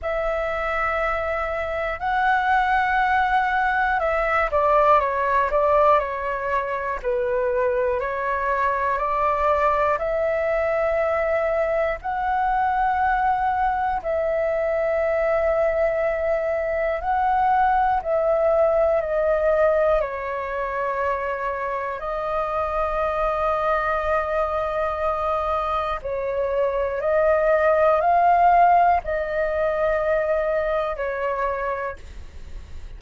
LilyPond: \new Staff \with { instrumentName = "flute" } { \time 4/4 \tempo 4 = 60 e''2 fis''2 | e''8 d''8 cis''8 d''8 cis''4 b'4 | cis''4 d''4 e''2 | fis''2 e''2~ |
e''4 fis''4 e''4 dis''4 | cis''2 dis''2~ | dis''2 cis''4 dis''4 | f''4 dis''2 cis''4 | }